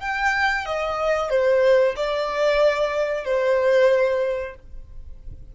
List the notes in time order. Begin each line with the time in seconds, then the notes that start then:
0.00 G5
0.65 D#5
1.30 C5
1.96 D5
3.25 C5